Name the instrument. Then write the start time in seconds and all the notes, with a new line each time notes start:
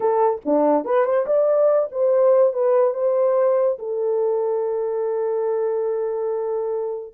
horn
0.00 A4
0.45 D4
0.84 B4
1.05 C5
1.26 D5
1.91 C5
2.53 B4
2.94 C5
3.78 A4